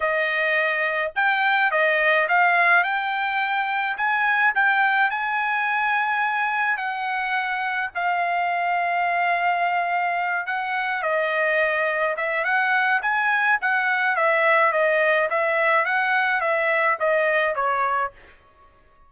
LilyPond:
\new Staff \with { instrumentName = "trumpet" } { \time 4/4 \tempo 4 = 106 dis''2 g''4 dis''4 | f''4 g''2 gis''4 | g''4 gis''2. | fis''2 f''2~ |
f''2~ f''8 fis''4 dis''8~ | dis''4. e''8 fis''4 gis''4 | fis''4 e''4 dis''4 e''4 | fis''4 e''4 dis''4 cis''4 | }